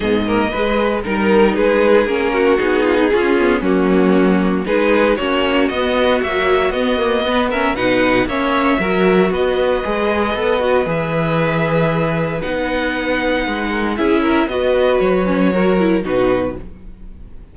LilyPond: <<
  \new Staff \with { instrumentName = "violin" } { \time 4/4 \tempo 4 = 116 dis''2 ais'4 b'4 | ais'4 gis'2 fis'4~ | fis'4 b'4 cis''4 dis''4 | e''4 dis''4. e''8 fis''4 |
e''2 dis''2~ | dis''4 e''2. | fis''2. e''4 | dis''4 cis''2 b'4 | }
  \new Staff \with { instrumentName = "violin" } { \time 4/4 gis'8 ais'8 b'4 ais'4 gis'4~ | gis'8 fis'4 f'16 dis'16 f'4 cis'4~ | cis'4 gis'4 fis'2~ | fis'2 b'8 ais'8 b'4 |
cis''4 ais'4 b'2~ | b'1~ | b'2~ b'8 ais'8 gis'8 ais'8 | b'2 ais'4 fis'4 | }
  \new Staff \with { instrumentName = "viola" } { \time 4/4 b8 ais8 gis4 dis'2 | cis'4 dis'4 cis'8 b8 ais4~ | ais4 dis'4 cis'4 b4 | fis4 b8 ais8 b8 cis'8 dis'4 |
cis'4 fis'2 gis'4 | a'8 fis'8 gis'2. | dis'2. e'4 | fis'4. cis'8 fis'8 e'8 dis'4 | }
  \new Staff \with { instrumentName = "cello" } { \time 4/4 gis,4 gis4 g4 gis4 | ais4 b4 cis'4 fis4~ | fis4 gis4 ais4 b4 | ais4 b2 b,4 |
ais4 fis4 b4 gis4 | b4 e2. | b2 gis4 cis'4 | b4 fis2 b,4 | }
>>